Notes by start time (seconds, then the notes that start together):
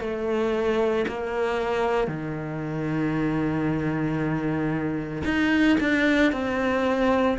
0.00 A3
1.08 A#3
2.07 D#3
5.24 D#4
5.80 D4
6.32 C4